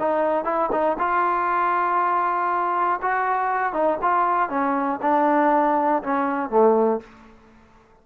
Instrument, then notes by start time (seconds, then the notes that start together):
trombone
0.00 D#4
0.45 E4
0.72 D#4
0.99 F4
3.02 F#4
3.73 D#4
4.02 F4
4.50 C#4
5.02 D4
6.04 C#4
6.50 A3